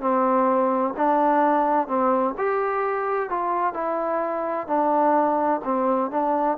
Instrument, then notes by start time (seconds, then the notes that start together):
trombone
0.00 C4
0.96 D4
1.87 C4
2.37 G4
3.29 F4
3.73 E4
4.67 D4
5.64 C4
6.10 D4